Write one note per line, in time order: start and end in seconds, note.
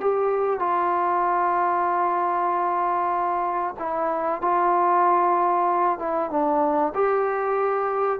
0.00 0.59 G4
0.59 3.75 F4
3.79 4.42 E4
4.42 5.99 F4
5.99 6.30 E4
6.30 6.93 D4
6.94 8.19 G4